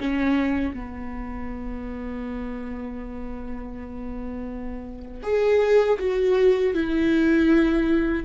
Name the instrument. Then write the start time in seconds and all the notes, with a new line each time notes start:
viola
0.00 C#4
0.74 B3
5.23 G#4
5.99 F#4
6.74 E4